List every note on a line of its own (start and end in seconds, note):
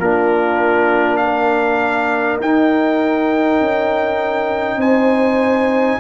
0.00 2.41 A#3
0.00 2.42 D4
0.00 1.20 F4
0.00 1.17 A#4
1.17 2.37 F5
1.24 4.79 A#4
2.41 3.60 D#4
2.41 6.00 D#4
2.41 4.81 G5
3.60 4.77 C#4
4.77 5.97 C4
4.77 5.99 C5
4.77 6.00 G#5